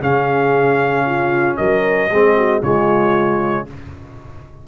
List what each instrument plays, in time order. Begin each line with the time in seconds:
0.00 tuba C#3, trombone C#4, horn G#4, trumpet F5
1.06 horn F4
1.57 tuba F#3, horn A#4, trumpet D#5
2.10 tuba G#3, trombone C4, horn G#4
2.37 horn F#4
2.61 tuba C#3, trombone G#3, horn F4, trumpet C#5